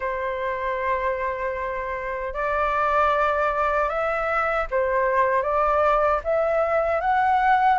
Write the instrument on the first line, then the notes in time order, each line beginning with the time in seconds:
flute
0.00 C5
2.33 D5
3.89 E5
4.70 C5
5.42 D5
6.24 E5
7.01 F#5